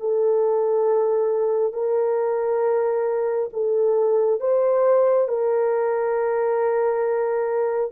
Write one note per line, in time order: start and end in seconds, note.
0.00 1.73 A4
1.73 3.50 A#4
3.53 4.40 A4
4.40 5.28 C5
5.28 7.92 A#4